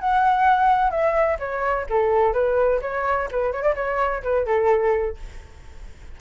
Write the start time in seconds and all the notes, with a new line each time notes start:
0.00 F#5
0.90 E5
1.39 C#5
1.90 A4
2.33 B4
2.82 C#5
3.31 B4
3.52 C#5
3.63 D5
3.75 C#5
4.23 B4
4.46 A4